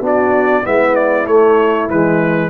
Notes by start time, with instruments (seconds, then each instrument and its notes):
0.00 tuba B3, trombone D4, horn F#4
0.06 trumpet D5
0.62 tuba G#3, trombone B3, horn E4, trumpet E5
0.95 trumpet D5
1.26 tuba A3, trombone A3, trumpet C#5
1.89 tuba E3, trombone G#3, trumpet B4